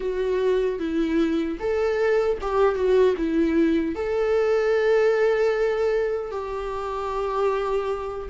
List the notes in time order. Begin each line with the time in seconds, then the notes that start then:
0.00 F#4
0.79 E4
1.59 A4
2.41 G4
2.75 F#4
3.17 E4
3.95 A4
6.31 G4